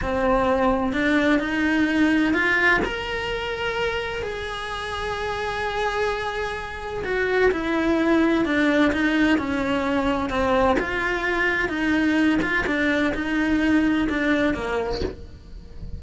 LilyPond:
\new Staff \with { instrumentName = "cello" } { \time 4/4 \tempo 4 = 128 c'2 d'4 dis'4~ | dis'4 f'4 ais'2~ | ais'4 gis'2.~ | gis'2. fis'4 |
e'2 d'4 dis'4 | cis'2 c'4 f'4~ | f'4 dis'4. f'8 d'4 | dis'2 d'4 ais4 | }